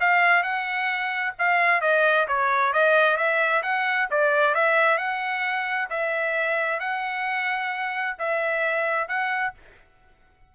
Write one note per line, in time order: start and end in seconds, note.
0.00 0.43 F5
0.43 1.34 F#5
1.39 1.81 F5
1.81 2.27 D#5
2.28 2.73 C#5
2.73 3.17 D#5
3.17 3.62 E5
3.63 4.08 F#5
4.11 4.55 D5
4.55 4.98 E5
4.98 5.89 F#5
5.90 6.80 E5
6.80 8.16 F#5
8.19 9.08 E5
9.08 9.54 F#5